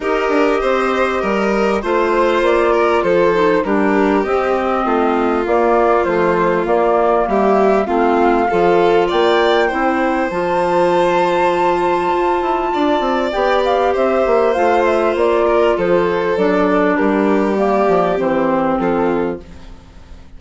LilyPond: <<
  \new Staff \with { instrumentName = "flute" } { \time 4/4 \tempo 4 = 99 dis''2. c''4 | d''4 c''4 ais'4 dis''4~ | dis''4 d''4 c''4 d''4 | e''4 f''2 g''4~ |
g''4 a''2.~ | a''2 g''8 f''8 e''4 | f''8 e''8 d''4 c''4 d''4 | ais'4 d''4 c''4 a'4 | }
  \new Staff \with { instrumentName = "violin" } { \time 4/4 ais'4 c''4 ais'4 c''4~ | c''8 ais'8 a'4 g'2 | f'1 | g'4 f'4 a'4 d''4 |
c''1~ | c''4 d''2 c''4~ | c''4. ais'8 a'2 | g'2. f'4 | }
  \new Staff \with { instrumentName = "clarinet" } { \time 4/4 g'2. f'4~ | f'4. dis'8 d'4 c'4~ | c'4 ais4 f4 ais4~ | ais4 c'4 f'2 |
e'4 f'2.~ | f'2 g'2 | f'2. d'4~ | d'4 ais4 c'2 | }
  \new Staff \with { instrumentName = "bassoon" } { \time 4/4 dis'8 d'8 c'4 g4 a4 | ais4 f4 g4 c'4 | a4 ais4 a4 ais4 | g4 a4 f4 ais4 |
c'4 f2. | f'8 e'8 d'8 c'8 b4 c'8 ais8 | a4 ais4 f4 fis4 | g4. f8 e4 f4 | }
>>